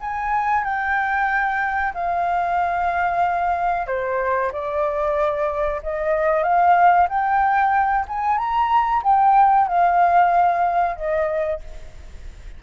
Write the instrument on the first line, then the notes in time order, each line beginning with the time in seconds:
flute
0.00 G#5
0.64 G5
1.94 F5
3.87 C5
4.52 D5
5.83 D#5
6.43 F5
7.09 G5
8.08 G#5
8.38 A#5
9.03 G5
9.67 F5
10.96 D#5